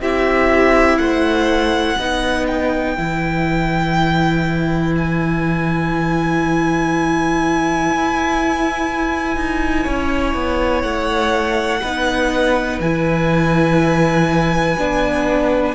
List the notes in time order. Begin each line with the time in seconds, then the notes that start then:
0.00 C4 E4 G4 E5
0.97 A3 C5 F#5
1.98 B3 D#4 B4
2.47 G5
2.97 E3 E4
4.97 G#5
7.89 E4
9.36 D#4
9.83 C#4 C#5
10.34 B3
10.82 A3 F#5
11.81 B3 D#4 B4
12.79 E3 E4 G#5
14.77 B3 D4